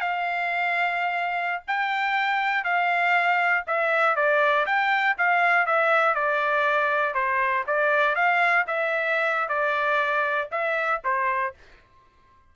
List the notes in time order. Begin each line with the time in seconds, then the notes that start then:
0.00 F5
1.67 G5
2.64 F5
3.67 E5
4.16 D5
4.66 G5
5.17 F5
5.66 E5
6.14 D5
7.14 C5
7.67 D5
8.15 F5
8.67 E5
9.48 D5
10.51 E5
11.04 C5